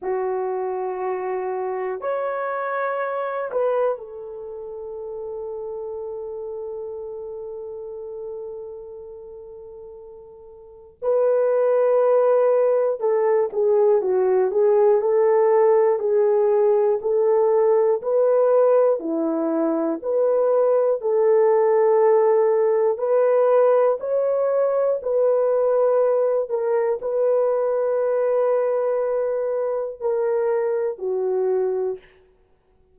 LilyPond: \new Staff \with { instrumentName = "horn" } { \time 4/4 \tempo 4 = 60 fis'2 cis''4. b'8 | a'1~ | a'2. b'4~ | b'4 a'8 gis'8 fis'8 gis'8 a'4 |
gis'4 a'4 b'4 e'4 | b'4 a'2 b'4 | cis''4 b'4. ais'8 b'4~ | b'2 ais'4 fis'4 | }